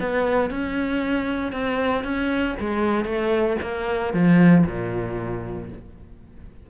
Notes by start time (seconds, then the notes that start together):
0.00 B3
0.50 C#4
1.53 C4
2.04 C#4
2.60 G#3
3.05 A3
3.62 A#3
4.14 F3
4.66 A#2